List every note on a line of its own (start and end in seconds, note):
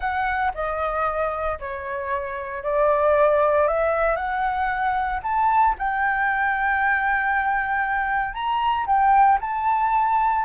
0.00 0.51 F#5
0.54 1.58 D#5
1.59 2.63 C#5
2.63 3.67 D5
3.67 4.15 E5
4.15 5.20 F#5
5.22 5.75 A5
5.78 8.34 G5
8.34 8.86 A#5
8.86 9.38 G5
9.41 10.45 A5